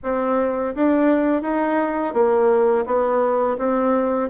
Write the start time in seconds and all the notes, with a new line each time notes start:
0.03 C4
0.75 D4
1.42 D#4
2.13 A#3
2.85 B3
3.57 C4